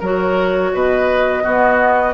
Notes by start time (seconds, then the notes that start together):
0.00 F#3 F#4 A#4 C#5
0.73 B2 B4 D#5
1.43 B3 F#4